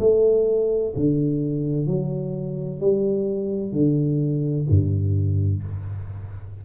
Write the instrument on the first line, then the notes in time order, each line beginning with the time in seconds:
tuba
0.00 A3
0.96 D3
1.87 F#3
2.81 G3
3.72 D3
4.70 G2